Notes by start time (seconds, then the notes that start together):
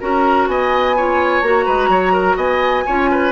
0.00 C#4 F#4 A#4 A#5
0.48 B3 D#5 G#5
0.96 F4 C#5
1.42 A#3 F#4 A#5
1.65 G#3 B4
1.88 F#3 C#5
2.13 A#4
2.36 B3 D#5 G#5
2.86 C#4 F4 C#5
3.11 B4